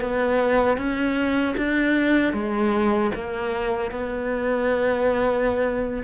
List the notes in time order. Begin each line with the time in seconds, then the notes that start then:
0.00 B3
0.77 C#4
1.57 D4
2.33 G#3
3.14 A#3
3.91 B3